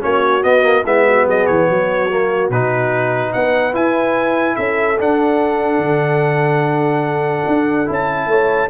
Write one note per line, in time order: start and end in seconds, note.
0.00 0.44 A#3
0.00 0.41 C#4
0.00 0.85 F#4
0.00 0.43 C#5
0.43 0.84 B3
0.43 0.63 B3
0.43 0.85 D#5
0.63 0.83 A#3
0.84 1.26 G#3
0.84 2.10 B3
0.84 1.06 E4
0.84 1.27 E5
1.08 1.26 F#4
1.26 1.47 F#3
1.26 1.67 G#4
1.26 1.46 D#5
1.46 1.70 E3
1.46 2.50 C#5
1.67 2.50 F#3
1.67 3.33 F#4
2.10 2.52 A#3
2.50 3.32 B2
2.50 3.73 D#4
2.50 3.33 B4
3.33 3.74 B3
3.33 4.56 B4
3.33 3.74 F#5
3.73 4.97 E4
3.73 4.56 E4
3.73 4.56 G#5
4.56 4.99 C#4
4.56 8.29 A4
4.56 4.98 E5
5.00 5.78 D4
5.00 7.86 D4
5.00 7.91 F#5
5.78 7.43 D3
7.47 7.88 D4
7.86 8.27 C#4
7.86 8.68 E4
7.93 8.70 A5
8.27 8.68 A3
8.27 8.70 C#5